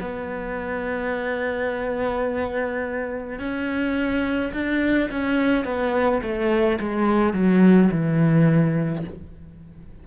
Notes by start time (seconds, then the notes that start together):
0.00 B3
3.39 C#4
4.52 D4
5.10 C#4
5.64 B3
6.22 A3
6.80 G#3
7.33 F#3
7.91 E3